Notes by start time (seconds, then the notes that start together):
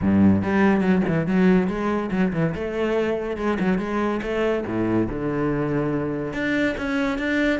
0.01 G2
0.42 G3
0.80 F#3
1.07 E3
1.26 F#3
1.67 G#3
2.11 F#3
2.32 E3
2.54 A3
3.36 G#3
3.59 F#3
3.78 G#3
4.22 A3
4.66 A2
5.09 D3
6.33 D4
6.77 C#4
7.18 D4